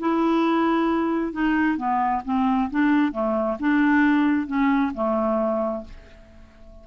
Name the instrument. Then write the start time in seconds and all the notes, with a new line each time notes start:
clarinet
0.00 E4
1.32 D#4
1.77 B3
2.25 C4
2.71 D4
3.13 A3
3.60 D4
4.47 C#4
4.94 A3